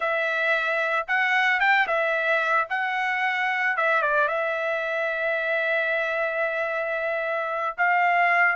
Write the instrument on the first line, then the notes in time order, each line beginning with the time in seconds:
trumpet
0.00 E5
1.07 F#5
1.59 G5
1.87 E5
2.69 F#5
3.76 E5
4.02 D5
4.28 E5
7.77 F5